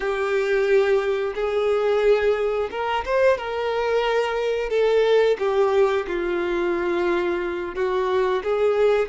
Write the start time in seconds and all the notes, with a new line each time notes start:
0.00 G4
1.35 G#4
2.70 A#4
3.05 C5
3.37 A#4
4.69 A4
5.38 G4
6.07 F4
7.75 F#4
8.43 G#4